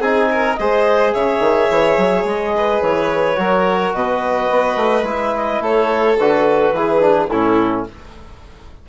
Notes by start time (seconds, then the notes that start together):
0.00 C4 D#4 G#4 G#5
0.31 A#4
0.55 G#3 G#4 C5 D#5
1.13 C#3 C#5 E5
1.40 D#3
1.70 E3
1.97 F#3
2.24 G#3 D#5
2.56 B4
2.82 E3 C#5
3.36 F#3 F#4 A#4
3.93 B2 B4 D#5
4.50 B3
4.76 A3
5.03 G#3 E4 E5
5.35 D#5
5.61 A3 A4 C#5
6.19 D3 F#4 B4
6.72 E3 E4 G#4
7.00 D4
7.28 A2 C#4 E4 A4